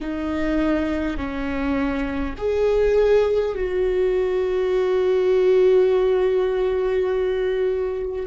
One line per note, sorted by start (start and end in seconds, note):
0.01 1.17 D#4
1.17 2.34 C#4
2.37 3.55 G#4
3.55 8.26 F#4